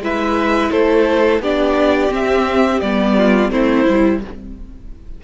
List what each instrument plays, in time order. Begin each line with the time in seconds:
0.00 cello G#3, viola E4, violin B4 E5
0.71 cello A3, violin A4 C5
1.40 cello B3, viola D4, violin G4 D5
2.09 viola C4, cello C4, violin E5
2.81 cello G3, viola B3, violin D5
3.18 violin F4
3.51 cello A3, viola C4, violin E4 C5
3.85 cello G3, viola E4